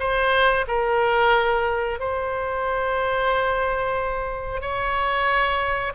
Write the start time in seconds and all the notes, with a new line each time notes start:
0.00 C5
0.68 A#4
2.00 C5
4.62 C#5